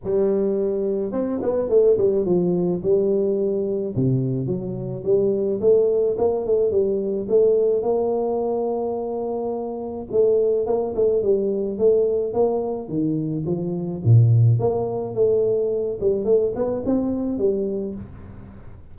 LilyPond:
\new Staff \with { instrumentName = "tuba" } { \time 4/4 \tempo 4 = 107 g2 c'8 b8 a8 g8 | f4 g2 c4 | fis4 g4 a4 ais8 a8 | g4 a4 ais2~ |
ais2 a4 ais8 a8 | g4 a4 ais4 dis4 | f4 ais,4 ais4 a4~ | a8 g8 a8 b8 c'4 g4 | }